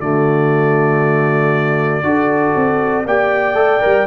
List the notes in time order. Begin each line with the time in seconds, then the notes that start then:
0.00 D3 A3 F#4 D5
2.03 D4 F#4 A4
2.56 C4
3.06 A#3 G4 D5 G5
3.54 A3 A4
3.81 G3 A#4